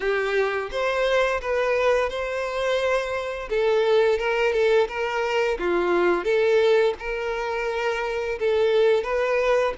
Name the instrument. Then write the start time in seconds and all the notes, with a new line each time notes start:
violin
0.00 G4
0.71 C5
1.41 B4
2.09 C5
3.49 A4
4.18 A#4
4.52 A4
4.88 A#4
5.58 F4
6.24 A4
6.99 A#4
8.39 A4
9.03 B4